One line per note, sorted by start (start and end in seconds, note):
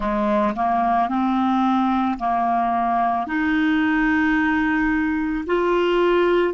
0.00 0.53 G#3
0.56 1.09 A#3
1.09 2.18 C4
2.18 3.26 A#3
3.26 5.44 D#4
5.46 6.54 F4